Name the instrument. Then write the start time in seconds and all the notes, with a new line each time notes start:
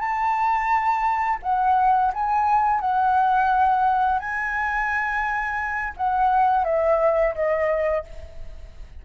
flute
0.00 A5
1.43 F#5
2.14 G#5
2.81 F#5
4.20 G#5
5.97 F#5
6.65 E5
7.35 D#5